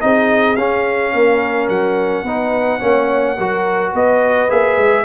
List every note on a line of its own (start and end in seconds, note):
0.00 0.57 C4
0.00 0.56 D#4
0.00 1.13 G#4
0.00 0.55 D#5
0.55 1.13 C#4
0.55 2.26 C#4
0.55 1.68 F5
1.13 1.68 A#3
1.13 2.24 A#4
1.68 2.23 F#3
1.68 3.93 F#5
2.23 2.79 B3
2.23 2.79 D#4
2.23 2.79 B4
2.79 3.38 A#3
2.79 3.36 C#4
2.79 3.35 C#5
3.37 3.93 F#3
3.37 4.49 F#4
3.37 3.91 A#4
3.91 4.49 B3
3.91 5.03 B4
3.91 4.50 D#5
4.49 4.77 A#3
4.49 5.05 G#4
4.49 5.05 E5
4.77 5.05 G#3